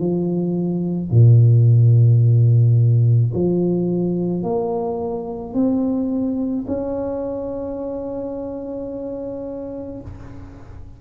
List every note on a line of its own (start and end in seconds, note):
0.00 1.11 F3
1.11 3.33 A#2
3.34 4.44 F3
4.44 5.55 A#3
5.55 6.66 C4
6.68 10.02 C#4